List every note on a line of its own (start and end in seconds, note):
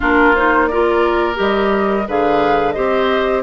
0.00 1.39 A#3
0.00 0.34 D4
0.00 0.69 F4
0.00 0.35 A#4
0.35 0.70 D#4
0.35 0.66 C5
0.66 1.34 F4
0.66 2.07 A#4
0.66 1.35 D5
1.34 2.08 G3
1.34 2.03 G4
1.34 2.08 D#5
2.07 2.76 D3
2.07 2.74 G#4
2.07 2.74 B4
2.07 2.72 F5
2.72 3.42 C4
2.72 3.42 G4
2.72 3.42 C5
2.72 3.41 D#5